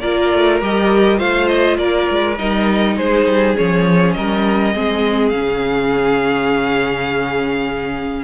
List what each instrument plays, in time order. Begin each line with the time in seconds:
0.00 cello A#3, viola F4, violin A#4 D5
0.34 cello A3
0.61 cello G3, viola G4, violin D#5
1.17 cello A3, viola F4, violin C5 F5
1.48 violin D#5
1.78 cello A#3, violin A#4 D5
2.11 cello G#3
2.38 cello G3, viola D#4, violin D#5
2.97 cello G#3, violin G#4 C5
3.26 cello G3
3.55 cello F3, viola C#4, violin C#5
4.13 cello G3, violin A#4 D#5
4.74 cello G#3, viola C4, violin G#4
5.29 cello C#3, viola C#4, violin F5